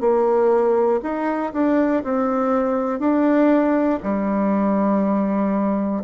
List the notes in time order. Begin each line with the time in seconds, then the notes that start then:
0.00 A#3
1.03 D#4
1.53 D4
2.04 C4
2.99 D4
4.03 G3